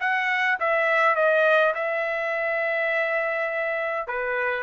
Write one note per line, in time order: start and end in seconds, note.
0.00 0.58 F#5
0.60 1.16 E5
1.16 1.74 D#5
1.74 4.08 E5
4.08 4.63 B4